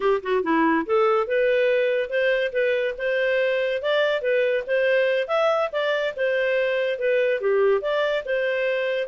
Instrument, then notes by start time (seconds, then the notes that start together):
clarinet
0.00 G4
0.22 F#4
0.43 E4
0.86 A4
1.27 B4
2.09 C5
2.52 B4
2.98 C5
3.82 D5
4.21 B4
4.66 C5
5.27 E5
5.72 D5
6.16 C5
6.99 B4
7.40 G4
7.81 D5
8.25 C5